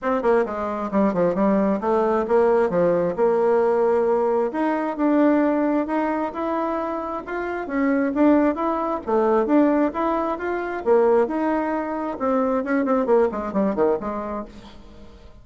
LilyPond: \new Staff \with { instrumentName = "bassoon" } { \time 4/4 \tempo 4 = 133 c'8 ais8 gis4 g8 f8 g4 | a4 ais4 f4 ais4~ | ais2 dis'4 d'4~ | d'4 dis'4 e'2 |
f'4 cis'4 d'4 e'4 | a4 d'4 e'4 f'4 | ais4 dis'2 c'4 | cis'8 c'8 ais8 gis8 g8 dis8 gis4 | }